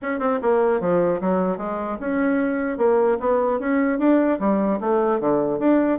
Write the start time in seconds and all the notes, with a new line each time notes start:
0.02 C#4
0.19 C4
0.42 A#3
0.80 F3
1.21 F#3
1.57 G#3
2.00 C#4
2.77 A#3
3.19 B3
3.59 C#4
3.99 D4
4.39 G3
4.80 A3
5.19 D3
5.59 D4